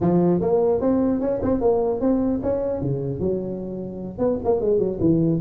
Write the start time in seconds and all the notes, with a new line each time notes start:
0.01 F3
0.40 A#3
0.81 C4
1.20 C#4
1.42 C4
1.60 A#3
2.00 C4
2.43 C#4
2.81 C#3
3.19 F#3
4.18 B3
4.44 A#3
4.61 G#3
4.78 F#3
5.00 E3